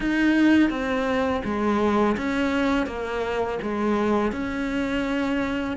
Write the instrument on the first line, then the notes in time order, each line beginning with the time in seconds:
cello
0.00 D#4
0.70 C4
1.44 G#3
2.17 C#4
2.86 A#3
3.62 G#3
4.32 C#4